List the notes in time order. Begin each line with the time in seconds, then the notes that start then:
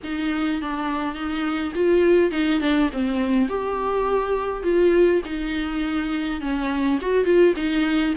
0.03 D#4
0.61 D4
1.14 D#4
1.74 F4
2.31 D#4
2.60 D4
2.92 C4
3.48 G4
4.63 F4
5.24 D#4
6.40 C#4
7.01 F#4
7.24 F4
7.55 D#4